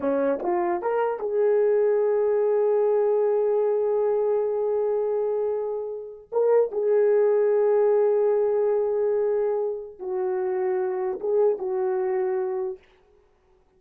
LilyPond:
\new Staff \with { instrumentName = "horn" } { \time 4/4 \tempo 4 = 150 cis'4 f'4 ais'4 gis'4~ | gis'1~ | gis'1~ | gis'2.~ gis'8. ais'16~ |
ais'8. gis'2.~ gis'16~ | gis'1~ | gis'4 fis'2. | gis'4 fis'2. | }